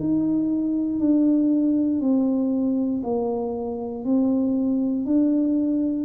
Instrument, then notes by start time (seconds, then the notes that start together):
tuba
0.00 D#4
0.99 D4
2.00 C4
3.04 A#3
4.04 C4
5.06 D4